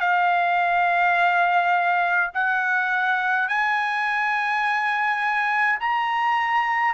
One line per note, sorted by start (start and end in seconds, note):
0.00 2.31 F5
2.34 3.48 F#5
3.48 5.79 G#5
5.80 6.94 A#5